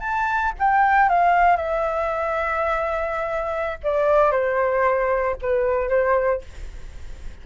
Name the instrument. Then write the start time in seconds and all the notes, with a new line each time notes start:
flute
0.00 A5
0.59 G5
1.09 F5
1.56 E5
3.83 D5
4.31 C5
5.42 B4
5.89 C5